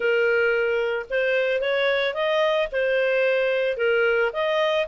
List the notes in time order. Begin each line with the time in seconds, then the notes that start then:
0.00 A#4
1.10 C5
1.61 C#5
2.14 D#5
2.72 C5
3.77 A#4
4.32 D#5